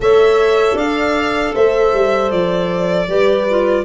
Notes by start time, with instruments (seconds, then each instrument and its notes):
0.00 tuba A3, clarinet A4, horn C#5, violin E5
0.74 tuba D4, horn D5, violin F5
1.54 tuba A3, horn C5, violin E5
1.93 tuba G3
2.31 tuba F3, violin D5
3.08 tuba G3, clarinet G4, horn B4
3.49 clarinet F4